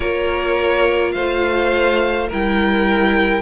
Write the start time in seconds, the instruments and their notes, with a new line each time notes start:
0.00 cello A#3, viola F4, violin A#4 C#5
1.12 cello A3, violin C5 F5
2.28 cello G3, viola E4, violin A#4 G5